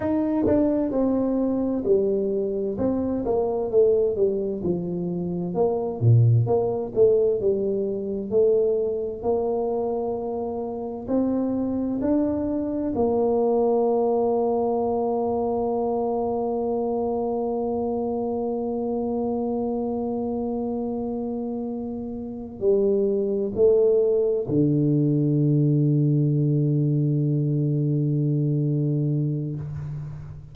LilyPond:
\new Staff \with { instrumentName = "tuba" } { \time 4/4 \tempo 4 = 65 dis'8 d'8 c'4 g4 c'8 ais8 | a8 g8 f4 ais8 ais,8 ais8 a8 | g4 a4 ais2 | c'4 d'4 ais2~ |
ais1~ | ais1~ | ais8 g4 a4 d4.~ | d1 | }